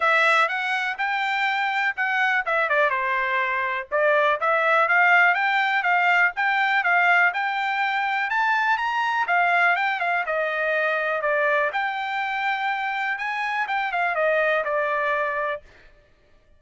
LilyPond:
\new Staff \with { instrumentName = "trumpet" } { \time 4/4 \tempo 4 = 123 e''4 fis''4 g''2 | fis''4 e''8 d''8 c''2 | d''4 e''4 f''4 g''4 | f''4 g''4 f''4 g''4~ |
g''4 a''4 ais''4 f''4 | g''8 f''8 dis''2 d''4 | g''2. gis''4 | g''8 f''8 dis''4 d''2 | }